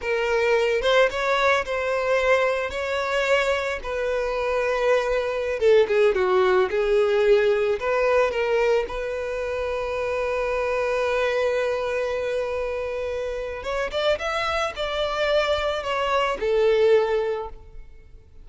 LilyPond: \new Staff \with { instrumentName = "violin" } { \time 4/4 \tempo 4 = 110 ais'4. c''8 cis''4 c''4~ | c''4 cis''2 b'4~ | b'2~ b'16 a'8 gis'8 fis'8.~ | fis'16 gis'2 b'4 ais'8.~ |
ais'16 b'2.~ b'8.~ | b'1~ | b'4 cis''8 d''8 e''4 d''4~ | d''4 cis''4 a'2 | }